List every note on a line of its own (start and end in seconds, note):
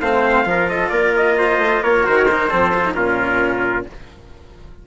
0.00 0.44 A3
0.00 0.45 C4
0.00 0.46 C5
0.00 0.68 F5
0.44 0.90 F3
0.44 2.03 F4
0.44 0.69 A#4
0.68 0.90 A4
0.68 0.89 D#5
0.89 1.58 A#3
0.89 1.36 A#4
0.89 1.12 D5
1.16 1.83 D#5
1.38 1.82 C5
1.58 1.80 A3
1.82 2.06 A#3
1.82 2.48 A#4
1.82 2.05 C#5
2.03 2.51 D#3
2.03 2.25 F#4
2.03 2.17 C5
2.17 2.25 C#5
2.25 2.50 D#4
2.25 2.93 C5
2.48 2.95 F3
2.48 2.73 C4
2.48 2.94 A4
2.74 2.85 F4
2.85 2.94 D#4
2.94 3.86 A#2
2.94 3.85 C#4
2.94 3.86 F4
2.94 3.85 A#4